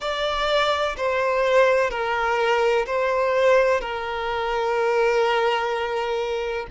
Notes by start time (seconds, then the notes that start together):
0.00 D5
0.97 C5
1.90 A#4
2.86 C5
3.81 A#4